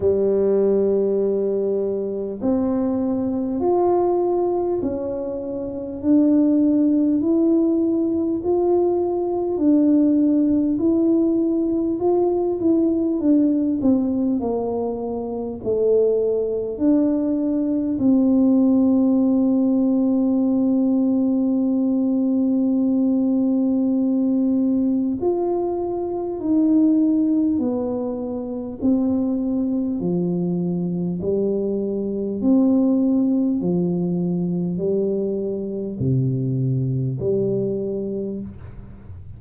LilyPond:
\new Staff \with { instrumentName = "tuba" } { \time 4/4 \tempo 4 = 50 g2 c'4 f'4 | cis'4 d'4 e'4 f'4 | d'4 e'4 f'8 e'8 d'8 c'8 | ais4 a4 d'4 c'4~ |
c'1~ | c'4 f'4 dis'4 b4 | c'4 f4 g4 c'4 | f4 g4 c4 g4 | }